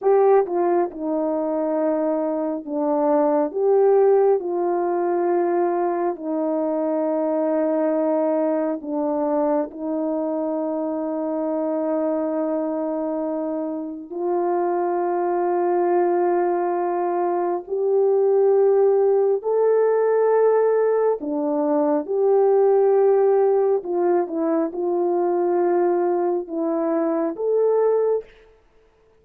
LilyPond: \new Staff \with { instrumentName = "horn" } { \time 4/4 \tempo 4 = 68 g'8 f'8 dis'2 d'4 | g'4 f'2 dis'4~ | dis'2 d'4 dis'4~ | dis'1 |
f'1 | g'2 a'2 | d'4 g'2 f'8 e'8 | f'2 e'4 a'4 | }